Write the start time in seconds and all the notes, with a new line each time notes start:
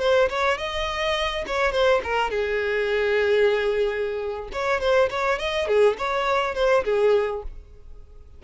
0.00 C5
0.29 C#5
0.58 D#5
1.47 C#5
1.72 C5
2.04 A#4
2.31 G#4
4.53 C#5
4.81 C5
5.10 C#5
5.39 D#5
5.68 G#4
5.98 C#5
6.55 C5
6.85 G#4